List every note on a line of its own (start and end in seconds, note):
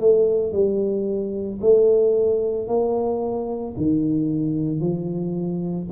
0.00 0.52 A3
0.52 1.59 G3
1.61 2.68 A3
2.68 3.75 A#3
3.77 4.80 D#3
4.80 5.87 F3